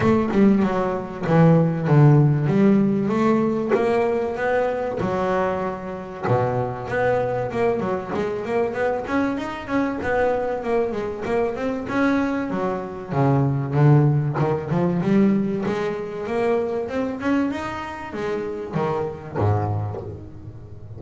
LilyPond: \new Staff \with { instrumentName = "double bass" } { \time 4/4 \tempo 4 = 96 a8 g8 fis4 e4 d4 | g4 a4 ais4 b4 | fis2 b,4 b4 | ais8 fis8 gis8 ais8 b8 cis'8 dis'8 cis'8 |
b4 ais8 gis8 ais8 c'8 cis'4 | fis4 cis4 d4 dis8 f8 | g4 gis4 ais4 c'8 cis'8 | dis'4 gis4 dis4 gis,4 | }